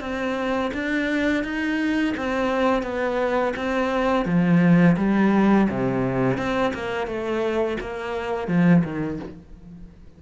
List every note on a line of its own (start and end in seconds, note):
0.00 0.71 C4
0.73 1.43 D4
1.43 2.14 D#4
2.17 2.82 C4
2.82 3.53 B3
3.56 4.25 C4
4.25 4.96 F3
4.97 5.67 G3
5.70 6.37 C3
6.37 6.73 C4
6.73 7.07 A#3
7.07 7.77 A3
7.80 8.47 A#3
8.47 8.83 F3
8.84 9.19 D#3